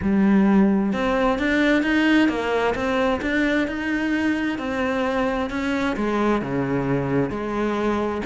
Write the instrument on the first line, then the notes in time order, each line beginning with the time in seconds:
cello
0.02 G3
0.93 C4
1.38 D4
1.82 D#4
2.28 A#3
2.74 C4
3.21 D4
3.67 D#4
4.58 C4
5.50 C#4
5.96 G#3
6.41 C#3
7.30 G#3